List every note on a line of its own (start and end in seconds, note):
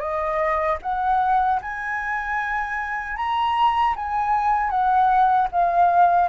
0.00 0.78 D#5
0.83 1.61 F#5
1.63 3.17 G#5
3.17 3.95 A#5
3.96 4.70 G#5
4.70 5.48 F#5
5.52 6.29 F5